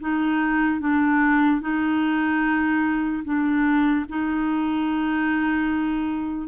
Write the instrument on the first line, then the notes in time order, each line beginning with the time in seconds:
clarinet
0.00 D#4
0.80 D4
1.61 D#4
3.24 D4
4.09 D#4